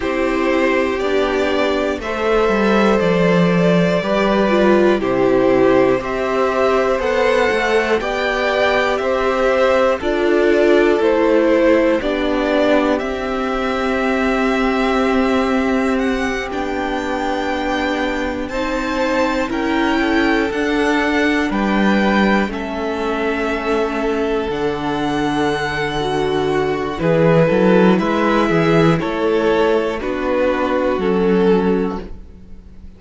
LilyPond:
<<
  \new Staff \with { instrumentName = "violin" } { \time 4/4 \tempo 4 = 60 c''4 d''4 e''4 d''4~ | d''4 c''4 e''4 fis''4 | g''4 e''4 d''4 c''4 | d''4 e''2. |
fis''8 g''2 a''4 g''8~ | g''8 fis''4 g''4 e''4.~ | e''8 fis''2~ fis''8 b'4 | e''4 cis''4 b'4 a'4 | }
  \new Staff \with { instrumentName = "violin" } { \time 4/4 g'2 c''2 | b'4 g'4 c''2 | d''4 c''4 a'2 | g'1~ |
g'2~ g'8 c''4 ais'8 | a'4. b'4 a'4.~ | a'2~ a'8 fis'8 gis'8 a'8 | b'8 gis'8 a'4 fis'2 | }
  \new Staff \with { instrumentName = "viola" } { \time 4/4 e'4 d'4 a'2 | g'8 f'8 e'4 g'4 a'4 | g'2 f'4 e'4 | d'4 c'2.~ |
c'8 d'2 dis'4 e'8~ | e'8 d'2 cis'4.~ | cis'8 d'4. fis'4 e'4~ | e'2 d'4 cis'4 | }
  \new Staff \with { instrumentName = "cello" } { \time 4/4 c'4 b4 a8 g8 f4 | g4 c4 c'4 b8 a8 | b4 c'4 d'4 a4 | b4 c'2.~ |
c'8 b2 c'4 cis'8~ | cis'8 d'4 g4 a4.~ | a8 d2~ d8 e8 fis8 | gis8 e8 a4 b4 fis4 | }
>>